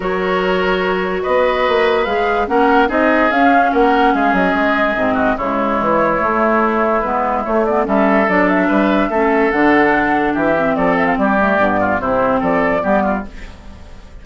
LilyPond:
<<
  \new Staff \with { instrumentName = "flute" } { \time 4/4 \tempo 4 = 145 cis''2. dis''4~ | dis''4 f''4 fis''4 dis''4 | f''4 fis''4 f''8 dis''4.~ | dis''4 cis''2.~ |
cis''4 b'4 cis''8 d''8 e''4 | d''8 e''2~ e''8 fis''4~ | fis''4 e''4 d''8 e''16 f''16 d''4~ | d''4 c''4 d''2 | }
  \new Staff \with { instrumentName = "oboe" } { \time 4/4 ais'2. b'4~ | b'2 ais'4 gis'4~ | gis'4 ais'4 gis'2~ | gis'8 fis'8 e'2.~ |
e'2. a'4~ | a'4 b'4 a'2~ | a'4 g'4 a'4 g'4~ | g'8 f'8 e'4 a'4 g'8 f'8 | }
  \new Staff \with { instrumentName = "clarinet" } { \time 4/4 fis'1~ | fis'4 gis'4 cis'4 dis'4 | cis'1 | c'4 gis2 a4~ |
a4 b4 a8 b8 cis'4 | d'2 cis'4 d'4~ | d'4. c'2 a8 | b4 c'2 b4 | }
  \new Staff \with { instrumentName = "bassoon" } { \time 4/4 fis2. b4 | ais4 gis4 ais4 c'4 | cis'4 ais4 gis8 fis8 gis4 | gis,4 cis4 e4 a4~ |
a4 gis4 a4 g4 | fis4 g4 a4 d4~ | d4 e4 f4 g4 | g,4 c4 f4 g4 | }
>>